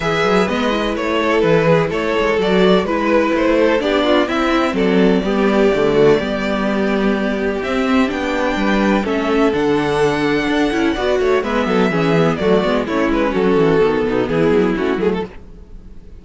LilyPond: <<
  \new Staff \with { instrumentName = "violin" } { \time 4/4 \tempo 4 = 126 e''4 dis''4 cis''4 b'4 | cis''4 d''4 b'4 c''4 | d''4 e''4 d''2~ | d''1 |
e''4 g''2 e''4 | fis''1 | e''2 d''4 cis''8 b'8 | a'2 gis'4 fis'8 gis'16 a'16 | }
  \new Staff \with { instrumentName = "violin" } { \time 4/4 b'2~ b'8 a'4 gis'8 | a'2 b'4. a'8 | g'8 f'8 e'4 a'4 g'4~ | g'8 fis'8 g'2.~ |
g'2 b'4 a'4~ | a'2. d''8 cis''8 | b'8 a'8 gis'4 fis'4 e'4 | fis'4. dis'8 e'2 | }
  \new Staff \with { instrumentName = "viola" } { \time 4/4 gis'4 b8 e'2~ e'8~ | e'4 fis'4 e'2 | d'4 c'2 b4 | a4 b2. |
c'4 d'2 cis'4 | d'2~ d'8 e'8 fis'4 | b4 cis'8 b8 a8 b8 cis'4~ | cis'4 b2 cis'8 a8 | }
  \new Staff \with { instrumentName = "cello" } { \time 4/4 e8 fis8 gis4 a4 e4 | a8 gis8 fis4 gis4 a4 | b4 c'4 fis4 g4 | d4 g2. |
c'4 b4 g4 a4 | d2 d'8 cis'8 b8 a8 | gis8 fis8 e4 fis8 gis8 a8 gis8 | fis8 e8 dis8 b,8 e8 fis8 a8 fis8 | }
>>